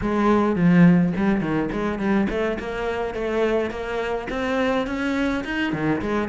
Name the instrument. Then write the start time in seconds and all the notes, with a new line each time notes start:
cello
0.01 G#3
0.55 F3
1.16 G3
1.40 D#3
1.71 G#3
1.98 G3
2.29 A3
2.59 A#3
3.14 A3
3.70 A#3
4.29 C4
4.86 C#4
5.44 D#4
5.72 D#3
6.01 G#3